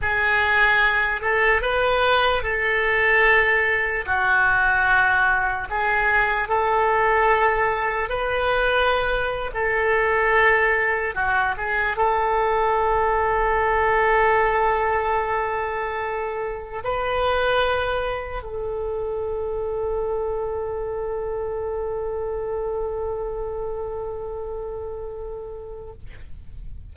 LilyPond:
\new Staff \with { instrumentName = "oboe" } { \time 4/4 \tempo 4 = 74 gis'4. a'8 b'4 a'4~ | a'4 fis'2 gis'4 | a'2 b'4.~ b'16 a'16~ | a'4.~ a'16 fis'8 gis'8 a'4~ a'16~ |
a'1~ | a'8. b'2 a'4~ a'16~ | a'1~ | a'1 | }